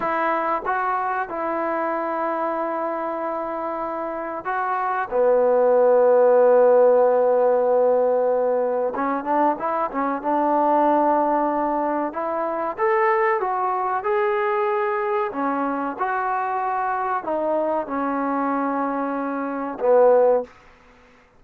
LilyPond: \new Staff \with { instrumentName = "trombone" } { \time 4/4 \tempo 4 = 94 e'4 fis'4 e'2~ | e'2. fis'4 | b1~ | b2 cis'8 d'8 e'8 cis'8 |
d'2. e'4 | a'4 fis'4 gis'2 | cis'4 fis'2 dis'4 | cis'2. b4 | }